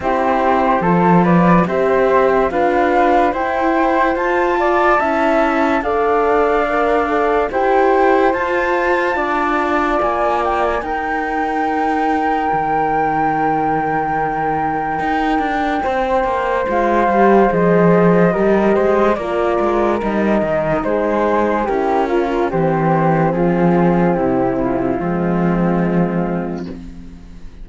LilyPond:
<<
  \new Staff \with { instrumentName = "flute" } { \time 4/4 \tempo 4 = 72 c''4. d''8 e''4 f''4 | g''4 a''2 f''4~ | f''4 g''4 a''2 | gis''8 g''16 gis''16 g''2.~ |
g''1 | f''4 dis''2 d''4 | dis''4 c''4 ais'4 c''4 | gis'4 g'8 f'2~ f'8 | }
  \new Staff \with { instrumentName = "flute" } { \time 4/4 g'4 a'8 b'8 c''4 b'4 | c''4. d''8 e''4 d''4~ | d''4 c''2 d''4~ | d''4 ais'2.~ |
ais'2. c''4~ | c''2 ais'8 c''8 ais'4~ | ais'4 gis'4 g'8 f'8 g'4 | f'4 e'4 c'2 | }
  \new Staff \with { instrumentName = "horn" } { \time 4/4 e'4 f'4 g'4 f'4 | e'4 f'4 e'4 a'4 | ais'8 a'8 g'4 f'2~ | f'4 dis'2.~ |
dis'1 | f'8 g'8 gis'4 g'4 f'4 | dis'2 e'8 f'8 c'4~ | c'2 gis2 | }
  \new Staff \with { instrumentName = "cello" } { \time 4/4 c'4 f4 c'4 d'4 | e'4 f'4 cis'4 d'4~ | d'4 e'4 f'4 d'4 | ais4 dis'2 dis4~ |
dis2 dis'8 d'8 c'8 ais8 | gis8 g8 f4 g8 gis8 ais8 gis8 | g8 dis8 gis4 cis'4 e4 | f4 c4 f2 | }
>>